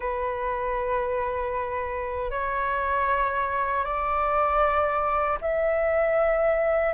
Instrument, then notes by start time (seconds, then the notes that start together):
flute
0.00 B4
2.30 C#5
3.84 D5
5.41 E5